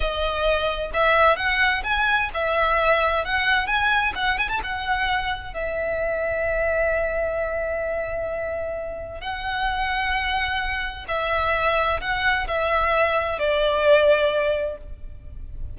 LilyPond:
\new Staff \with { instrumentName = "violin" } { \time 4/4 \tempo 4 = 130 dis''2 e''4 fis''4 | gis''4 e''2 fis''4 | gis''4 fis''8 gis''16 a''16 fis''2 | e''1~ |
e''1 | fis''1 | e''2 fis''4 e''4~ | e''4 d''2. | }